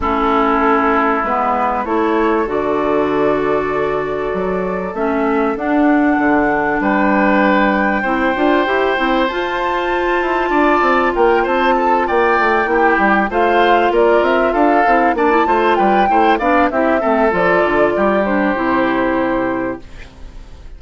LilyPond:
<<
  \new Staff \with { instrumentName = "flute" } { \time 4/4 \tempo 4 = 97 a'2 b'4 cis''4 | d''1 | e''4 fis''2 g''4~ | g''2. a''4~ |
a''2 g''8 a''4 g''8~ | g''4. f''4 d''8 e''8 f''8~ | f''8 a''4 g''4 f''8 e''4 | d''4. c''2~ c''8 | }
  \new Staff \with { instrumentName = "oboe" } { \time 4/4 e'2. a'4~ | a'1~ | a'2. b'4~ | b'4 c''2.~ |
c''4 d''4 ais'8 c''8 a'8 d''8~ | d''8 g'4 c''4 ais'4 a'8~ | a'8 d''8 c''8 b'8 c''8 d''8 g'8 a'8~ | a'4 g'2. | }
  \new Staff \with { instrumentName = "clarinet" } { \time 4/4 cis'2 b4 e'4 | fis'1 | cis'4 d'2.~ | d'4 e'8 f'8 g'8 e'8 f'4~ |
f'1~ | f'8 e'4 f'2~ f'8 | e'8 d'16 e'16 f'4 e'8 d'8 e'8 c'8 | f'4. d'8 e'2 | }
  \new Staff \with { instrumentName = "bassoon" } { \time 4/4 a2 gis4 a4 | d2. fis4 | a4 d'4 d4 g4~ | g4 c'8 d'8 e'8 c'8 f'4~ |
f'8 e'8 d'8 c'8 ais8 c'4 ais8 | a8 ais8 g8 a4 ais8 c'8 d'8 | c'8 ais8 a8 g8 a8 b8 c'8 a8 | f8 d8 g4 c2 | }
>>